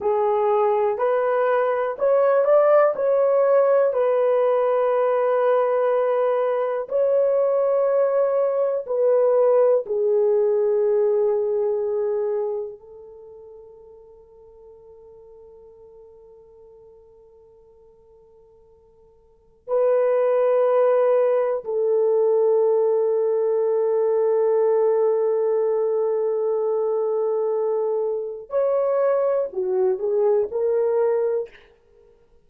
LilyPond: \new Staff \with { instrumentName = "horn" } { \time 4/4 \tempo 4 = 61 gis'4 b'4 cis''8 d''8 cis''4 | b'2. cis''4~ | cis''4 b'4 gis'2~ | gis'4 a'2.~ |
a'1 | b'2 a'2~ | a'1~ | a'4 cis''4 fis'8 gis'8 ais'4 | }